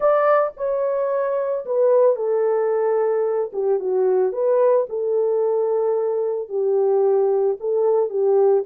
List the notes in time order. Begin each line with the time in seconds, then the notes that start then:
0.00 D5
0.57 C#5
1.65 B4
2.16 A4
3.52 G4
3.79 F#4
4.32 B4
4.89 A4
6.48 G4
7.59 A4
8.09 G4